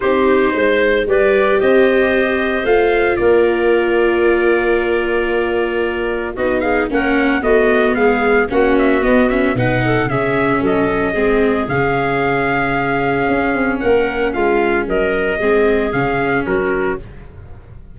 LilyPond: <<
  \new Staff \with { instrumentName = "trumpet" } { \time 4/4 \tempo 4 = 113 c''2 d''4 dis''4~ | dis''4 f''4 d''2~ | d''1 | dis''8 f''8 fis''4 dis''4 f''4 |
fis''8 e''8 dis''8 e''8 fis''4 e''4 | dis''2 f''2~ | f''2 fis''4 f''4 | dis''2 f''4 ais'4 | }
  \new Staff \with { instrumentName = "clarinet" } { \time 4/4 g'4 c''4 b'4 c''4~ | c''2 ais'2~ | ais'1 | fis'8 gis'8 ais'4 fis'4 gis'4 |
fis'2 b'8 a'8 gis'4 | a'4 gis'2.~ | gis'2 ais'4 f'4 | ais'4 gis'2 fis'4 | }
  \new Staff \with { instrumentName = "viola" } { \time 4/4 dis'2 g'2~ | g'4 f'2.~ | f'1 | dis'4 cis'4 b2 |
cis'4 b8 cis'8 dis'4 cis'4~ | cis'4 c'4 cis'2~ | cis'1~ | cis'4 c'4 cis'2 | }
  \new Staff \with { instrumentName = "tuba" } { \time 4/4 c'4 gis4 g4 c'4~ | c'4 a4 ais2~ | ais1 | b4 ais4 a4 gis4 |
ais4 b4 b,4 cis4 | fis4 gis4 cis2~ | cis4 cis'8 c'8 ais4 gis4 | fis4 gis4 cis4 fis4 | }
>>